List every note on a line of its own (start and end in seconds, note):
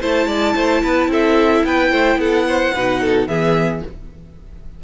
0.00 0.26 A3
0.00 2.74 E4
0.00 0.27 C5
0.00 1.11 A5
0.26 0.53 G#3
0.26 0.54 D5
0.55 0.83 A3
0.55 0.82 C5
0.83 1.07 B3
0.83 1.10 B4
1.07 1.62 C4
1.07 1.65 A4
1.07 1.65 E5
1.64 1.91 B3
1.64 1.91 B4
1.64 2.20 G5
1.91 2.15 A3
1.91 2.18 C5
2.15 2.70 B3
2.15 2.46 A4
2.15 3.27 F#5
2.47 2.74 C5
2.74 3.27 B2
2.74 3.28 D#4
2.74 3.01 B4
3.01 3.28 A4
3.27 3.82 E3
3.27 3.82 B3
3.27 3.83 G#4
3.27 3.82 E5